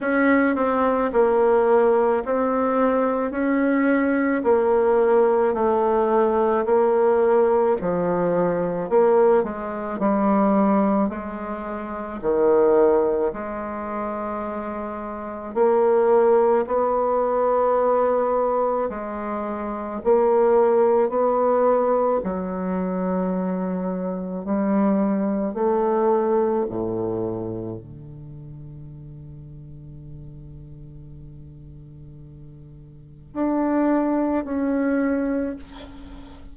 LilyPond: \new Staff \with { instrumentName = "bassoon" } { \time 4/4 \tempo 4 = 54 cis'8 c'8 ais4 c'4 cis'4 | ais4 a4 ais4 f4 | ais8 gis8 g4 gis4 dis4 | gis2 ais4 b4~ |
b4 gis4 ais4 b4 | fis2 g4 a4 | a,4 d2.~ | d2 d'4 cis'4 | }